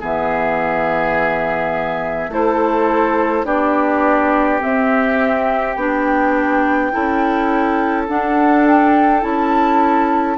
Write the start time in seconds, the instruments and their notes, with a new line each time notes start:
0.00 bassoon E3, clarinet B3, oboe G#4, flute E5
2.28 bassoon A3, clarinet E4, oboe A4, flute C5
3.44 bassoon B3, clarinet D4, oboe G4, flute D5
4.59 clarinet C4, bassoon C4, flute E5
5.74 bassoon B3, clarinet D4, flute G5
6.92 bassoon C#4, clarinet E4, oboe A4
8.08 clarinet D4, bassoon D4, flute F#5
8.67 flute G5
9.21 bassoon C#4, clarinet E4, flute A5